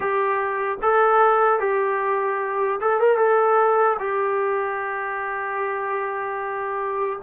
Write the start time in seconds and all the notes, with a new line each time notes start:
0.00 G4
0.81 A4
1.59 G4
2.80 A4
3.00 A#4
3.17 A4
3.99 G4